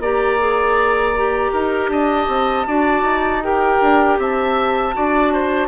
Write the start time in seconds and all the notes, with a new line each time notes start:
0.00 A#3 G4 D5 A#5
0.40 G#4
1.17 G4
1.52 D#4 A#4
1.89 D4 D#5 A5
2.28 C4
2.67 D4 F#4 D5
3.03 D#4
3.43 G4 A#4 G5
3.82 D4
4.19 C4 E5 A5
4.94 D4 F#4 D5
5.34 C5